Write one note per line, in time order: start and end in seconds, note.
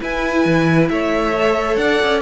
0.00 1.33 E4
0.00 0.45 E4
0.00 0.89 B4
0.00 0.88 G#5
0.45 0.89 E3
0.88 1.76 A3
0.88 1.80 C#5
0.88 1.76 E5
1.36 2.21 A4
1.76 1.99 D4
1.76 2.21 D5
1.76 2.20 F#5
2.03 2.21 C#4